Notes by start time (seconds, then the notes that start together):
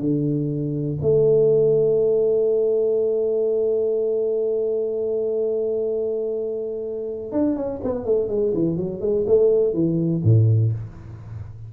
0.00 D3
1.01 A3
7.32 D4
7.56 C#4
7.83 B3
8.05 A3
8.28 G#3
8.54 E3
8.77 F#3
9.00 G#3
9.26 A3
9.73 E3
10.23 A2